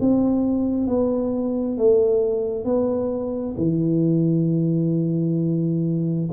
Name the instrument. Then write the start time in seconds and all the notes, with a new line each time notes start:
tuba
0.00 C4
0.87 B3
1.77 A3
2.64 B3
3.57 E3